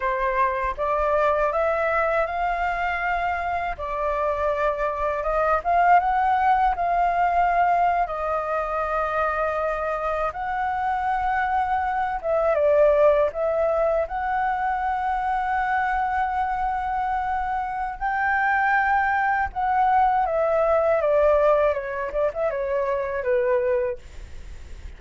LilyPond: \new Staff \with { instrumentName = "flute" } { \time 4/4 \tempo 4 = 80 c''4 d''4 e''4 f''4~ | f''4 d''2 dis''8 f''8 | fis''4 f''4.~ f''16 dis''4~ dis''16~ | dis''4.~ dis''16 fis''2~ fis''16~ |
fis''16 e''8 d''4 e''4 fis''4~ fis''16~ | fis''1 | g''2 fis''4 e''4 | d''4 cis''8 d''16 e''16 cis''4 b'4 | }